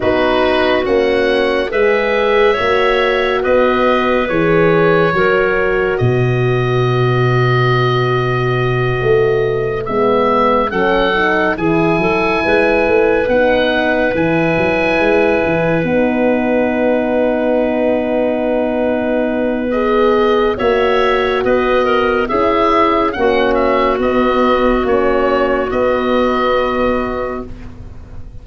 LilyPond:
<<
  \new Staff \with { instrumentName = "oboe" } { \time 4/4 \tempo 4 = 70 b'4 fis''4 e''2 | dis''4 cis''2 dis''4~ | dis''2.~ dis''8 e''8~ | e''8 fis''4 gis''2 fis''8~ |
fis''8 gis''2 fis''4.~ | fis''2. dis''4 | e''4 dis''4 e''4 fis''8 e''8 | dis''4 cis''4 dis''2 | }
  \new Staff \with { instrumentName = "clarinet" } { \time 4/4 fis'2 b'4 cis''4 | b'2 ais'4 b'4~ | b'1~ | b'8 a'4 gis'8 a'8 b'4.~ |
b'1~ | b'1 | cis''4 b'8 ais'8 gis'4 fis'4~ | fis'1 | }
  \new Staff \with { instrumentName = "horn" } { \time 4/4 dis'4 cis'4 gis'4 fis'4~ | fis'4 gis'4 fis'2~ | fis'2.~ fis'8 b8~ | b8 cis'8 dis'8 e'2 dis'8~ |
dis'8 e'2 dis'4.~ | dis'2. gis'4 | fis'2 e'4 cis'4 | b4 cis'4 b2 | }
  \new Staff \with { instrumentName = "tuba" } { \time 4/4 b4 ais4 gis4 ais4 | b4 e4 fis4 b,4~ | b,2~ b,8 a4 gis8~ | gis8 fis4 e8 fis8 gis8 a8 b8~ |
b8 e8 fis8 gis8 e8 b4.~ | b1 | ais4 b4 cis'4 ais4 | b4 ais4 b2 | }
>>